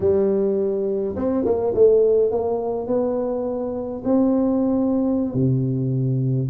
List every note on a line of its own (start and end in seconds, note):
0.00 1.15 G3
1.16 1.44 C4
1.45 1.74 A#3
1.74 2.31 A3
2.31 2.87 A#3
2.87 4.02 B3
4.04 5.34 C4
5.34 6.49 C3